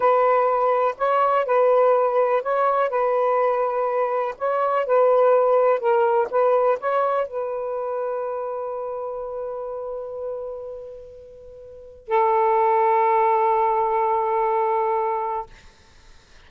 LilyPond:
\new Staff \with { instrumentName = "saxophone" } { \time 4/4 \tempo 4 = 124 b'2 cis''4 b'4~ | b'4 cis''4 b'2~ | b'4 cis''4 b'2 | ais'4 b'4 cis''4 b'4~ |
b'1~ | b'1~ | b'4 a'2.~ | a'1 | }